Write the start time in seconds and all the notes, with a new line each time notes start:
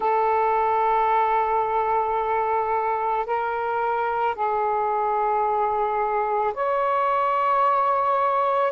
0.00 A4
3.25 A#4
4.34 G#4
6.54 C#5